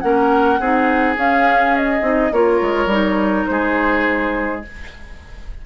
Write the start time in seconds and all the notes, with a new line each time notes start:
0.00 A#3 C#4 A#4 F#5
0.59 C4 D#4 G#4
1.16 C#4 F5
1.76 D#5
2.01 C4 D#4
2.32 A#3 F4 A#4 C#5
2.61 G#3
2.86 G3 D#4
3.46 G#3 G#4 C5